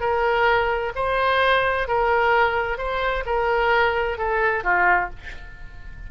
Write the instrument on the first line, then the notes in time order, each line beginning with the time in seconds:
oboe
0.00 A#4
0.95 C5
1.87 A#4
2.77 C5
3.26 A#4
4.17 A4
4.63 F4